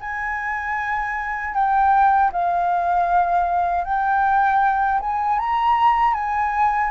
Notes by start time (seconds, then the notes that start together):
0.00 G#5
1.54 G5
2.32 F5
3.84 G5
5.00 G#5
5.39 A#5
6.14 G#5